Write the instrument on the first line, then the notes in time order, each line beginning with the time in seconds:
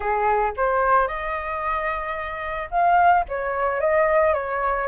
flute
0.00 G#4
0.57 C5
1.07 D#5
2.70 F5
3.28 C#5
3.80 D#5
4.33 C#5